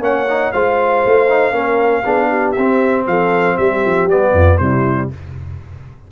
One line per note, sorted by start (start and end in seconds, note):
0.00 0.51 A#3
0.00 0.26 C#4
0.00 0.53 C#5
0.00 0.52 F#5
0.29 0.54 D#4
0.52 1.05 G#3
0.52 1.28 F4
0.52 1.54 C5
0.52 2.52 F5
1.05 1.52 A3
1.28 1.53 D#4
1.52 2.03 A#3
1.52 2.04 C#4
1.52 2.03 A#4
2.03 2.56 B3
2.03 2.56 D4
2.03 2.29 G#4
2.29 3.05 G4
2.52 3.07 C4
2.52 3.03 E5
2.58 4.10 C4
3.07 3.58 F3
3.07 3.57 A4
3.07 3.58 F5
3.57 3.84 G3
3.57 4.34 G4
3.57 4.08 E5
3.86 4.07 F3
4.07 4.32 G3
4.07 4.60 B3
4.07 4.58 D5
4.32 4.58 F2
4.32 4.60 F4
4.58 5.11 C3
4.58 5.11 G3
4.58 5.12 E4
4.58 5.09 C5